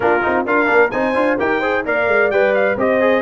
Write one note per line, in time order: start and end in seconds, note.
0.00 0.20 A#3
0.00 0.20 D4
0.00 0.46 F4
0.00 0.46 A#4
0.22 0.45 C4
0.22 0.45 D#4
0.45 0.68 D4
0.45 0.66 F4
0.45 0.92 A#4
0.45 0.90 F5
0.66 0.92 A#3
0.66 0.89 D4
0.90 1.15 C4
0.90 1.15 D#4
0.90 1.37 C5
0.90 1.37 G#5
1.15 1.38 D4
1.15 1.38 F4
1.37 1.86 D#4
1.37 1.61 G4
1.37 1.59 A#4
1.37 1.85 G5
1.59 1.85 G#4
1.59 1.82 C5
1.85 2.07 A#3
1.85 2.31 A#4
1.85 2.78 D5
1.85 2.30 F5
2.07 2.30 G#3
2.30 2.76 G3
2.30 2.77 B4
2.30 2.53 G5
2.54 2.77 F5
2.76 3.22 C4
2.76 3.00 G4
2.76 3.22 C5
2.76 3.22 D#5
3.00 3.22 G#4